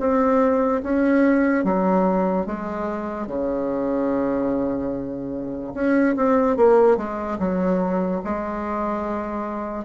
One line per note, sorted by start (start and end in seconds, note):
0.00 0.82 C4
0.83 1.64 C#4
1.64 2.46 F#3
2.46 3.27 G#3
3.27 5.74 C#3
5.75 6.16 C#4
6.16 6.57 C4
6.57 6.97 A#3
6.97 7.38 G#3
7.39 8.22 F#3
8.25 9.85 G#3